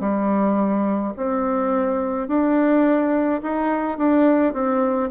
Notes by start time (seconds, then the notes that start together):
0.00 G3
1.17 C4
2.28 D4
3.43 D#4
3.98 D4
4.53 C4